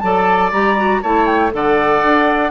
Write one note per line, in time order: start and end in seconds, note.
0.00 0.52 F#3
0.00 0.53 A4
0.00 1.02 D5
0.00 0.50 A5
0.52 1.02 G3
0.52 0.77 G4
0.52 1.03 A#5
0.77 1.02 F#4
1.02 1.54 A3
1.02 1.52 E4
1.02 1.52 C#5
1.02 1.27 A5
1.27 1.52 G5
1.52 2.03 D3
1.52 2.51 A4
1.52 2.51 D5
1.52 2.51 F#5
2.03 2.51 D4